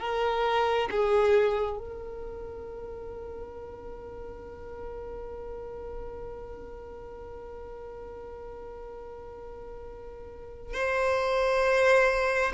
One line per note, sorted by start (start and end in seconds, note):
0.00 0.90 A#4
0.91 1.78 G#4
1.78 10.73 A#4
10.73 12.53 C5